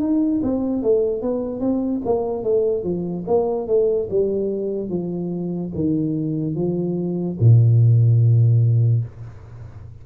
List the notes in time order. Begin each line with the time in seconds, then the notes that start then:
0.00 D#4
0.43 C4
0.83 A3
1.22 B3
1.60 C4
2.05 A#3
2.44 A3
2.84 F3
3.27 A#3
3.68 A3
4.11 G3
4.89 F3
5.75 D#3
6.55 F3
7.40 A#2